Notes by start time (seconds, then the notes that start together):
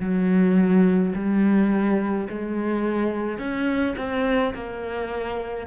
0.00 F#3
1.15 G3
2.29 G#3
3.39 C#4
3.97 C4
4.54 A#3